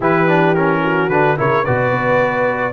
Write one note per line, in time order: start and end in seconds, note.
0.00 1.08 E3
0.00 0.28 E4
0.00 0.80 G4
0.00 0.54 B4
0.28 0.55 D4
0.54 1.10 C#4
0.54 1.09 A#4
0.83 1.37 F#4
1.08 1.36 D3
1.08 1.37 D4
1.08 1.37 B4
1.37 1.67 C#3
1.37 1.65 E4
1.37 1.63 A#4
1.37 1.64 C#5
1.63 1.90 B2
1.63 2.73 F#4
1.63 2.73 B4
1.63 2.73 D5
1.90 2.73 B3